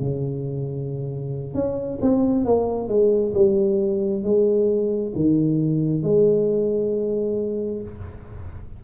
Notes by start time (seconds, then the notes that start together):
0.00 C#3
1.54 C#4
2.01 C4
2.45 A#3
2.88 G#3
3.34 G3
4.24 G#3
5.15 D#3
6.03 G#3